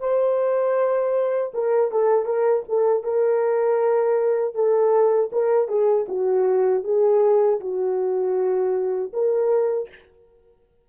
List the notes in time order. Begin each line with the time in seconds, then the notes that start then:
0.00 C5
1.54 A#4
1.92 A4
2.26 A#4
2.69 A4
3.03 A#4
4.55 A4
5.32 A#4
5.68 G#4
6.08 F#4
6.84 G#4
7.60 F#4
9.13 A#4